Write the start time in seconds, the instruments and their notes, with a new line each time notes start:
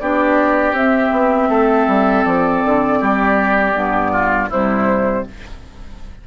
0.00 bassoon B3, clarinet D4, oboe G4, flute D5
0.72 bassoon C4, clarinet C4, flute E5
1.12 bassoon B3
1.49 bassoon A3, oboe A4
1.88 bassoon G3
2.25 bassoon F3, flute D5
2.65 bassoon D3
3.00 bassoon G3, oboe G4
3.74 bassoon G2, clarinet B3
4.12 oboe F4
4.49 bassoon C3, clarinet G3, oboe E4, flute C5